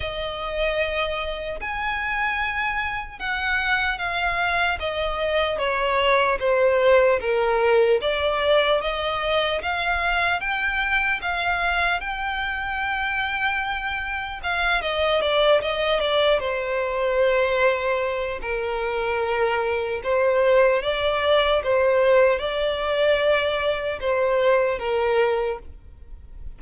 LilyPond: \new Staff \with { instrumentName = "violin" } { \time 4/4 \tempo 4 = 75 dis''2 gis''2 | fis''4 f''4 dis''4 cis''4 | c''4 ais'4 d''4 dis''4 | f''4 g''4 f''4 g''4~ |
g''2 f''8 dis''8 d''8 dis''8 | d''8 c''2~ c''8 ais'4~ | ais'4 c''4 d''4 c''4 | d''2 c''4 ais'4 | }